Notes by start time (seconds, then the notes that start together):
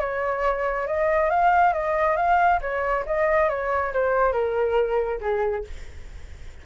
0.00 C#5
0.87 D#5
1.30 F5
1.73 D#5
2.16 F5
2.61 C#5
3.06 D#5
3.49 C#5
3.93 C5
4.32 A#4
5.21 G#4